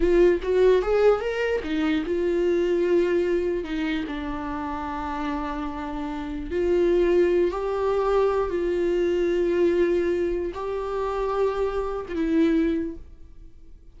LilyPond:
\new Staff \with { instrumentName = "viola" } { \time 4/4 \tempo 4 = 148 f'4 fis'4 gis'4 ais'4 | dis'4 f'2.~ | f'4 dis'4 d'2~ | d'1 |
f'2~ f'8 g'4.~ | g'4 f'2.~ | f'2 g'2~ | g'4.~ g'16 f'16 e'2 | }